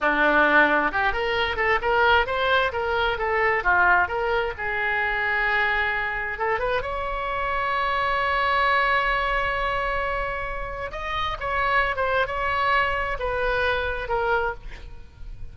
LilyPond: \new Staff \with { instrumentName = "oboe" } { \time 4/4 \tempo 4 = 132 d'2 g'8 ais'4 a'8 | ais'4 c''4 ais'4 a'4 | f'4 ais'4 gis'2~ | gis'2 a'8 b'8 cis''4~ |
cis''1~ | cis''1 | dis''4 cis''4~ cis''16 c''8. cis''4~ | cis''4 b'2 ais'4 | }